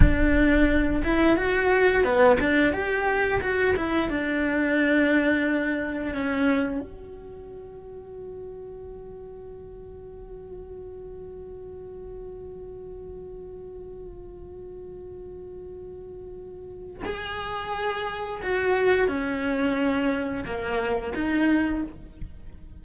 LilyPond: \new Staff \with { instrumentName = "cello" } { \time 4/4 \tempo 4 = 88 d'4. e'8 fis'4 b8 d'8 | g'4 fis'8 e'8 d'2~ | d'4 cis'4 fis'2~ | fis'1~ |
fis'1~ | fis'1~ | fis'4 gis'2 fis'4 | cis'2 ais4 dis'4 | }